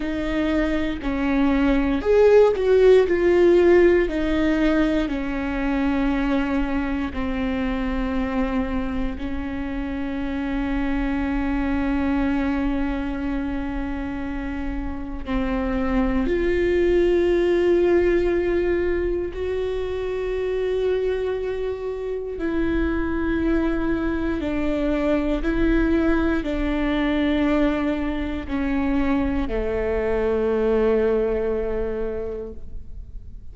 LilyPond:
\new Staff \with { instrumentName = "viola" } { \time 4/4 \tempo 4 = 59 dis'4 cis'4 gis'8 fis'8 f'4 | dis'4 cis'2 c'4~ | c'4 cis'2.~ | cis'2. c'4 |
f'2. fis'4~ | fis'2 e'2 | d'4 e'4 d'2 | cis'4 a2. | }